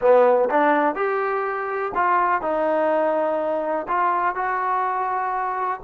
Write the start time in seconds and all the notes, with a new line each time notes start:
0.01 B3
0.49 D4
0.95 G4
1.94 F4
2.41 D#4
3.88 F4
4.35 F#4